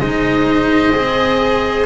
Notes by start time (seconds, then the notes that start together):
0.00 G#3 D#4 C5 D#5
0.93 C4 G#4